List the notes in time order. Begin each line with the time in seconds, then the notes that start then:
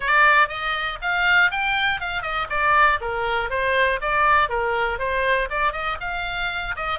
0.00 D5
0.48 D#5
1.01 F5
1.51 G5
2.00 F5
2.22 D#5
2.49 D5
3.00 A#4
3.50 C5
4.01 D5
4.49 A#4
4.98 C5
5.50 D5
5.72 D#5
6.00 F5
6.76 D#5